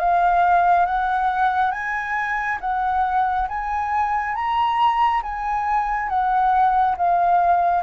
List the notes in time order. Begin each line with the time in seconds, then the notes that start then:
0.00 F5
0.86 F#5
1.72 G#5
2.61 F#5
3.49 G#5
4.35 A#5
5.23 G#5
6.09 F#5
6.98 F5